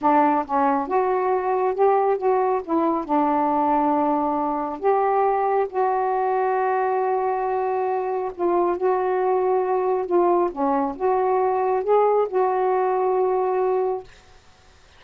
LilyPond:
\new Staff \with { instrumentName = "saxophone" } { \time 4/4 \tempo 4 = 137 d'4 cis'4 fis'2 | g'4 fis'4 e'4 d'4~ | d'2. g'4~ | g'4 fis'2.~ |
fis'2. f'4 | fis'2. f'4 | cis'4 fis'2 gis'4 | fis'1 | }